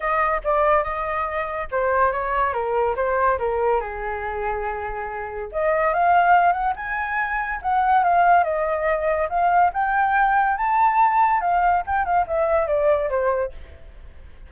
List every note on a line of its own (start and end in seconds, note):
0.00 0.41 D#5
0.44 0.83 D5
0.83 1.68 D#5
1.71 2.12 C5
2.12 2.53 C#5
2.53 2.95 A#4
2.96 3.38 C5
3.38 3.80 A#4
3.80 5.49 G#4
5.51 5.93 D#5
5.93 6.52 F5
6.52 6.73 F#5
6.75 7.60 G#5
7.62 8.03 F#5
8.03 8.43 F5
8.43 9.28 D#5
9.29 9.71 F5
9.73 10.57 G5
10.57 11.40 A5
11.40 11.83 F5
11.86 12.05 G5
12.05 12.26 F5
12.27 12.67 E5
12.67 13.09 D5
13.09 13.52 C5